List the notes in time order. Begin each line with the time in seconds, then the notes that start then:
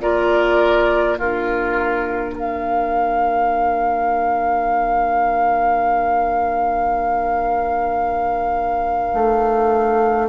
0.00 A#3 F4 A#4 D5
1.18 D4 F4 A#4
2.34 A#4 F5
9.13 A3